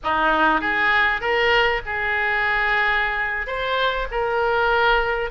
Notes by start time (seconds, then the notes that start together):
0.03 D#4
0.61 G#4
1.20 A#4
1.85 G#4
3.46 C5
4.11 A#4